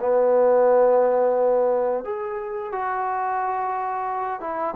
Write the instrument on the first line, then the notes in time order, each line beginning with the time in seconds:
trombone
0.00 B3
2.05 G#4
2.72 F#4
4.40 E4